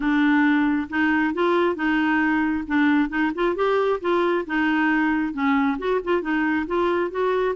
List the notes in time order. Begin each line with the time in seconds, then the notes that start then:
0.00 D4
0.89 D#4
1.34 F4
1.75 D#4
2.67 D4
3.09 D#4
3.34 F4
3.55 G4
4.00 F4
4.46 D#4
5.33 C#4
5.78 F#4
6.03 F4
6.21 D#4
6.67 F4
7.10 F#4